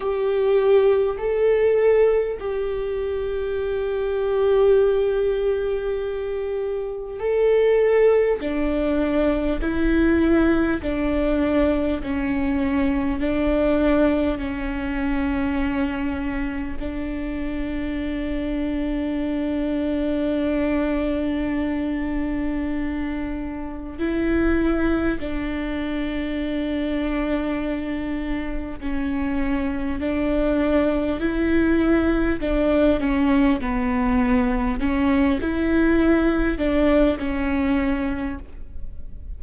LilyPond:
\new Staff \with { instrumentName = "viola" } { \time 4/4 \tempo 4 = 50 g'4 a'4 g'2~ | g'2 a'4 d'4 | e'4 d'4 cis'4 d'4 | cis'2 d'2~ |
d'1 | e'4 d'2. | cis'4 d'4 e'4 d'8 cis'8 | b4 cis'8 e'4 d'8 cis'4 | }